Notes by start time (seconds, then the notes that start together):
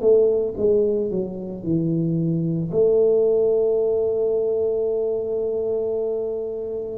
0.00 A3
0.56 G#3
1.10 F#3
1.63 E3
2.71 A3